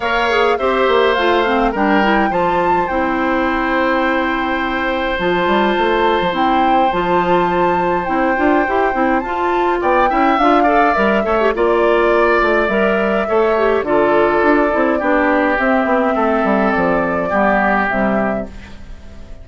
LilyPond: <<
  \new Staff \with { instrumentName = "flute" } { \time 4/4 \tempo 4 = 104 f''4 e''4 f''4 g''4 | a''4 g''2.~ | g''4 a''2 g''4 | a''2 g''2 |
a''4 g''4 f''4 e''4 | d''2 e''2 | d''2. e''4~ | e''4 d''2 e''4 | }
  \new Staff \with { instrumentName = "oboe" } { \time 4/4 cis''4 c''2 ais'4 | c''1~ | c''1~ | c''1~ |
c''4 d''8 e''4 d''4 cis''8 | d''2. cis''4 | a'2 g'2 | a'2 g'2 | }
  \new Staff \with { instrumentName = "clarinet" } { \time 4/4 ais'8 gis'8 g'4 f'8 c'8 d'8 e'8 | f'4 e'2.~ | e'4 f'2 e'4 | f'2 e'8 f'8 g'8 e'8 |
f'4. e'8 f'8 a'8 ais'8 a'16 g'16 | f'2 ais'4 a'8 g'8 | f'4. e'8 d'4 c'4~ | c'2 b4 g4 | }
  \new Staff \with { instrumentName = "bassoon" } { \time 4/4 ais4 c'8 ais8 a4 g4 | f4 c'2.~ | c'4 f8 g8 a8. f16 c'4 | f2 c'8 d'8 e'8 c'8 |
f'4 b8 cis'8 d'4 g8 a8 | ais4. a8 g4 a4 | d4 d'8 c'8 b4 c'8 b8 | a8 g8 f4 g4 c4 | }
>>